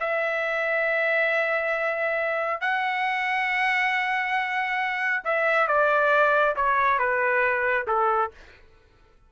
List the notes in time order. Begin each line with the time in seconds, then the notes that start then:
0.00 E5
2.61 F#5
5.24 E5
5.68 D5
6.56 C#5
6.99 B4
7.87 A4